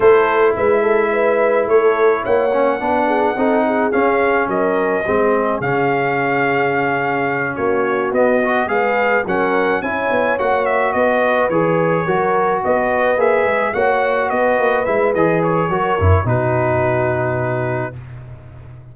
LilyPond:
<<
  \new Staff \with { instrumentName = "trumpet" } { \time 4/4 \tempo 4 = 107 c''4 e''2 cis''4 | fis''2. f''4 | dis''2 f''2~ | f''4. cis''4 dis''4 f''8~ |
f''8 fis''4 gis''4 fis''8 e''8 dis''8~ | dis''8 cis''2 dis''4 e''8~ | e''8 fis''4 dis''4 e''8 dis''8 cis''8~ | cis''4 b'2. | }
  \new Staff \with { instrumentName = "horn" } { \time 4/4 a'4 b'8 a'8 b'4 a'4 | cis''4 b'8 gis'8 a'8 gis'4. | ais'4 gis'2.~ | gis'4. fis'2 b'8~ |
b'8 ais'4 cis''2 b'8~ | b'4. ais'4 b'4.~ | b'8 cis''4 b'2~ b'8 | ais'4 fis'2. | }
  \new Staff \with { instrumentName = "trombone" } { \time 4/4 e'1~ | e'8 cis'8 d'4 dis'4 cis'4~ | cis'4 c'4 cis'2~ | cis'2~ cis'8 b8 fis'8 gis'8~ |
gis'8 cis'4 e'4 fis'4.~ | fis'8 gis'4 fis'2 gis'8~ | gis'8 fis'2 e'8 gis'4 | fis'8 e'8 dis'2. | }
  \new Staff \with { instrumentName = "tuba" } { \time 4/4 a4 gis2 a4 | ais4 b4 c'4 cis'4 | fis4 gis4 cis2~ | cis4. ais4 b4 gis8~ |
gis8 fis4 cis'8 b8 ais4 b8~ | b8 e4 fis4 b4 ais8 | gis8 ais4 b8 ais8 gis8 e4 | fis8 fis,8 b,2. | }
>>